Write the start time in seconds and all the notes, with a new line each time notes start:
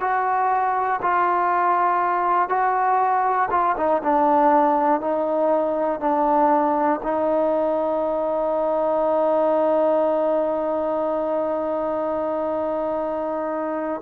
0.00 F#4
1.02 F4
2.49 F#4
3.51 F4
3.77 D#4
4.03 D4
5.00 D#4
6.00 D4
7.03 D#4